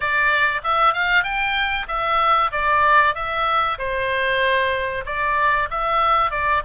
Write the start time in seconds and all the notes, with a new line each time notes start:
0.00 D5
0.63 E5
0.93 F5
1.23 G5
1.88 E5
2.51 D5
3.14 E5
3.78 C5
5.05 D5
5.70 E5
6.30 D5